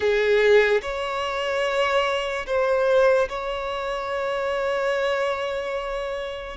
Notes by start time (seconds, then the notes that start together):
0.00 G#4
0.81 C#5
2.46 C5
3.28 C#5